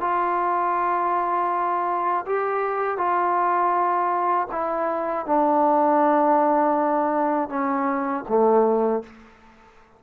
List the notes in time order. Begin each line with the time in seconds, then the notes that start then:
0.00 F4
2.25 G4
2.97 F4
4.51 E4
5.26 D4
7.49 C#4
8.28 A3